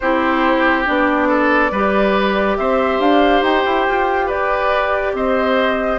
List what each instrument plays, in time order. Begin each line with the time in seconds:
0.00 bassoon C4, clarinet E4, oboe G4, flute C5
0.85 bassoon B3, clarinet D4, flute D5
1.28 oboe A4
1.71 bassoon G3, clarinet G4, oboe B4
2.57 bassoon C4, oboe C5, flute E5
2.99 bassoon D4, flute F5
3.41 bassoon D#4, flute G5
3.65 bassoon E4
3.88 bassoon F4
4.26 bassoon G4, oboe B4, flute D5
5.13 bassoon C4, oboe C5, flute D#5